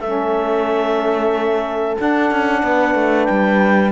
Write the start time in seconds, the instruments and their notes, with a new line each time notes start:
0.00 cello A3, saxophone C#4, horn A4, clarinet E5
1.97 saxophone D4, cello D4, clarinet F#5
2.31 cello C#4
2.63 cello B3, horn B4
2.95 cello A3
3.24 cello G3, clarinet G5